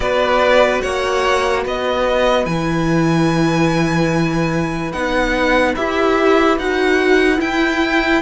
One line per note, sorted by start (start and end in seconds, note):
0.00 0.80 B3
0.00 2.45 F#4
0.00 0.82 B4
0.00 0.81 D5
0.81 1.65 A#3
0.81 1.63 C#5
0.81 1.63 F#5
1.63 2.46 B3
1.63 8.21 B4
1.63 2.45 D#5
2.45 4.92 E3
2.45 4.91 E4
2.45 4.92 G#5
4.92 5.75 B3
4.92 5.76 D#4
4.92 5.74 F#5
5.75 6.57 E4
5.75 6.59 G4
5.75 6.58 E5
6.57 7.40 D#4
6.57 7.36 F#4
6.57 7.40 F#5
7.36 8.18 E4
7.36 8.22 E4
7.36 8.22 G5